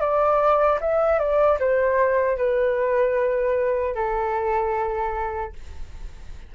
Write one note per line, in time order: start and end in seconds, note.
0.00 0.79 D5
0.80 1.18 E5
1.18 1.58 D5
1.59 2.37 C5
2.37 3.94 B4
3.94 5.52 A4